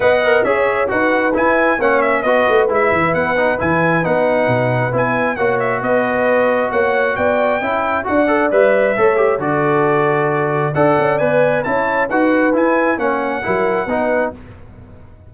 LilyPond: <<
  \new Staff \with { instrumentName = "trumpet" } { \time 4/4 \tempo 4 = 134 fis''4 e''4 fis''4 gis''4 | fis''8 e''8 dis''4 e''4 fis''4 | gis''4 fis''2 gis''4 | fis''8 e''8 dis''2 fis''4 |
g''2 fis''4 e''4~ | e''4 d''2. | fis''4 gis''4 a''4 fis''4 | gis''4 fis''2. | }
  \new Staff \with { instrumentName = "horn" } { \time 4/4 dis''4 cis''4 b'2 | cis''4 b'2.~ | b'1 | cis''4 b'2 cis''4 |
d''4 e''4 d''2 | cis''4 a'2. | d''2 cis''4 b'4~ | b'4 cis''4 ais'4 b'4 | }
  \new Staff \with { instrumentName = "trombone" } { \time 4/4 b'8 ais'8 gis'4 fis'4 e'4 | cis'4 fis'4 e'4. dis'8 | e'4 dis'2 e'4 | fis'1~ |
fis'4 e'4 fis'8 a'8 b'4 | a'8 g'8 fis'2. | a'4 b'4 e'4 fis'4 | e'4 cis'4 e'4 dis'4 | }
  \new Staff \with { instrumentName = "tuba" } { \time 4/4 b4 cis'4 dis'4 e'4 | ais4 b8 a8 gis8 e8 b4 | e4 b4 b,4 b4 | ais4 b2 ais4 |
b4 cis'4 d'4 g4 | a4 d2. | d'8 cis'8 b4 cis'4 dis'4 | e'4 ais4 fis4 b4 | }
>>